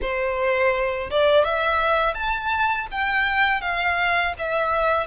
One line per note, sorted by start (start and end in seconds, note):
0.01 1.09 C5
1.10 1.44 D5
1.44 2.14 E5
2.14 2.87 A5
2.91 3.61 G5
3.61 4.33 F5
4.38 5.06 E5